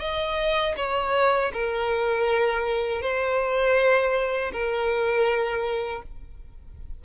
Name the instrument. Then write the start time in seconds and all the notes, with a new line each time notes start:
violin
0.00 D#5
0.77 C#5
1.53 A#4
3.02 C5
4.53 A#4